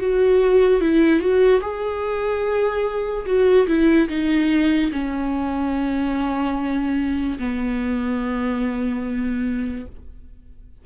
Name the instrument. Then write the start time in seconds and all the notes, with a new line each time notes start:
viola
0.00 F#4
0.81 E4
1.20 F#4
1.61 G#4
3.26 F#4
3.67 E4
4.09 D#4
4.92 C#4
7.39 B3